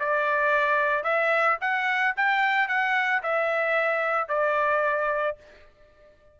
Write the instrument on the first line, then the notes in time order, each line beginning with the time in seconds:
trumpet
0.00 D5
1.04 E5
1.61 F#5
2.17 G5
2.69 F#5
3.23 E5
4.29 D5